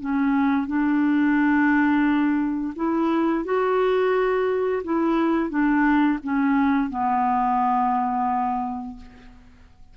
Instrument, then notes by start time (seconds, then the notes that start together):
clarinet
0.00 C#4
0.67 D4
2.76 E4
3.45 F#4
4.84 E4
5.50 D4
6.23 C#4
6.90 B3